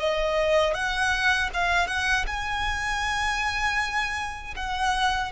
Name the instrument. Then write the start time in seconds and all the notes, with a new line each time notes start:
violin
0.00 D#5
0.74 F#5
1.54 F5
1.87 F#5
2.27 G#5
4.56 F#5